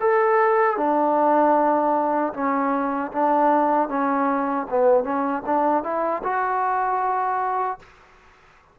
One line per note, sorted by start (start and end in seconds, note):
0.00 0.77 A4
0.77 2.33 D4
2.33 3.11 C#4
3.12 3.89 D4
3.89 4.66 C#4
4.70 5.04 B3
5.04 5.43 C#4
5.46 5.83 D4
5.83 6.22 E4
6.23 7.79 F#4